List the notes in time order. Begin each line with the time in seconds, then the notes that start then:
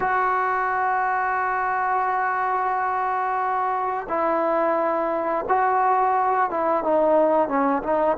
0.00 F#4
4.08 E4
5.48 F#4
6.50 E4
6.83 D#4
7.48 C#4
7.83 D#4